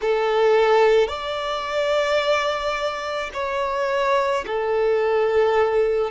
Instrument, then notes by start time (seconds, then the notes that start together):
violin
0.01 A4
1.08 D5
3.33 C#5
4.46 A4